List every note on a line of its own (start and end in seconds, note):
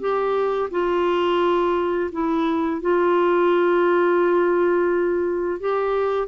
0.00 0.69 G4
0.71 2.11 F4
2.12 2.81 E4
2.81 5.60 F4
5.60 6.28 G4